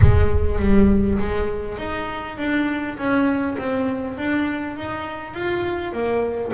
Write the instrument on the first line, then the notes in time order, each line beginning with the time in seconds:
double bass
0.01 G#3
0.59 G3
1.18 G#3
1.78 D#4
2.37 D4
2.97 C#4
3.58 C4
4.17 D4
4.77 D#4
5.34 F4
5.92 A#3